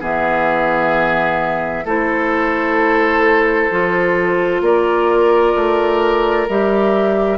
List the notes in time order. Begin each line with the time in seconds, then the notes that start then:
0.00 E3 B3 G#4 E5
1.85 A3 E4 A4 C5
3.71 F3 F4
4.61 A#3 A#4 D5
5.55 A3
6.49 G3 G4 E5